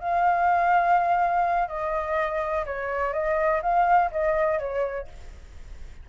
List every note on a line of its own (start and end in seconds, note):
0.00 1.69 F5
1.69 2.65 D#5
2.66 3.13 C#5
3.13 3.62 D#5
3.62 4.11 F5
4.12 4.59 D#5
4.59 5.08 C#5